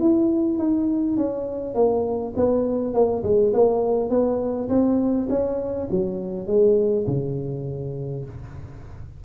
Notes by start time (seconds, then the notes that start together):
0.00 E4
0.59 D#4
1.17 C#4
1.75 A#3
2.37 B3
2.94 A#3
3.24 G#3
3.53 A#3
4.10 B3
4.69 C4
5.30 C#4
5.91 F#3
6.47 G#3
7.07 C#3